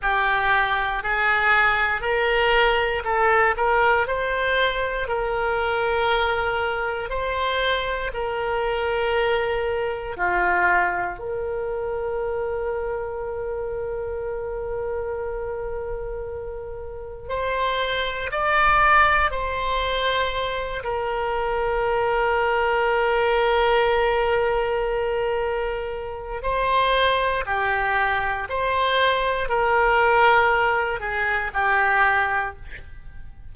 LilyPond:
\new Staff \with { instrumentName = "oboe" } { \time 4/4 \tempo 4 = 59 g'4 gis'4 ais'4 a'8 ais'8 | c''4 ais'2 c''4 | ais'2 f'4 ais'4~ | ais'1~ |
ais'4 c''4 d''4 c''4~ | c''8 ais'2.~ ais'8~ | ais'2 c''4 g'4 | c''4 ais'4. gis'8 g'4 | }